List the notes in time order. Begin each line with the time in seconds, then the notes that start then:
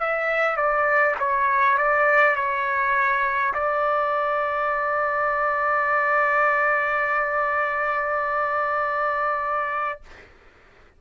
0.00 E5
0.57 D5
1.20 C#5
1.78 D5
2.36 C#5
3.54 D5